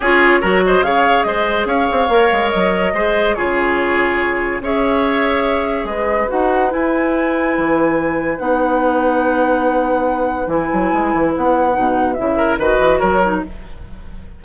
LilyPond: <<
  \new Staff \with { instrumentName = "flute" } { \time 4/4 \tempo 4 = 143 cis''4. dis''8 f''4 dis''4 | f''2 dis''2 | cis''2. e''4~ | e''2 dis''4 fis''4 |
gis''1 | fis''1~ | fis''4 gis''2 fis''4~ | fis''4 e''4 dis''4 cis''4 | }
  \new Staff \with { instrumentName = "oboe" } { \time 4/4 gis'4 ais'8 c''8 cis''4 c''4 | cis''2. c''4 | gis'2. cis''4~ | cis''2 b'2~ |
b'1~ | b'1~ | b'1~ | b'4. ais'8 b'4 ais'4 | }
  \new Staff \with { instrumentName = "clarinet" } { \time 4/4 f'4 fis'4 gis'2~ | gis'4 ais'2 gis'4 | f'2. gis'4~ | gis'2. fis'4 |
e'1 | dis'1~ | dis'4 e'2. | dis'4 e'4 fis'4. dis'8 | }
  \new Staff \with { instrumentName = "bassoon" } { \time 4/4 cis'4 fis4 cis4 gis4 | cis'8 c'8 ais8 gis8 fis4 gis4 | cis2. cis'4~ | cis'2 gis4 dis'4 |
e'2 e2 | b1~ | b4 e8 fis8 gis8 e8 b4 | b,4 cis4 dis8 e8 fis4 | }
>>